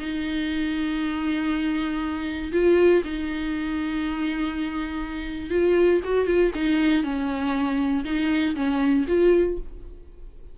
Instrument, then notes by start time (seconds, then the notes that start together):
viola
0.00 D#4
2.53 F4
3.05 D#4
5.50 F4
6.05 F#4
6.27 F4
6.55 D#4
7.04 C#4
8.05 D#4
8.56 C#4
9.08 F4